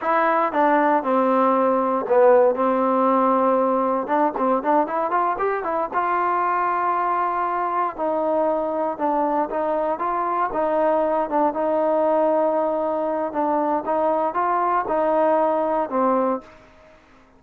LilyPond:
\new Staff \with { instrumentName = "trombone" } { \time 4/4 \tempo 4 = 117 e'4 d'4 c'2 | b4 c'2. | d'8 c'8 d'8 e'8 f'8 g'8 e'8 f'8~ | f'2.~ f'8 dis'8~ |
dis'4. d'4 dis'4 f'8~ | f'8 dis'4. d'8 dis'4.~ | dis'2 d'4 dis'4 | f'4 dis'2 c'4 | }